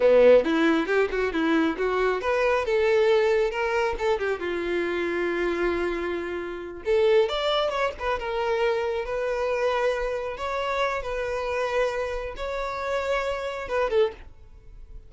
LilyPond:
\new Staff \with { instrumentName = "violin" } { \time 4/4 \tempo 4 = 136 b4 e'4 g'8 fis'8 e'4 | fis'4 b'4 a'2 | ais'4 a'8 g'8 f'2~ | f'2.~ f'8 a'8~ |
a'8 d''4 cis''8 b'8 ais'4.~ | ais'8 b'2. cis''8~ | cis''4 b'2. | cis''2. b'8 a'8 | }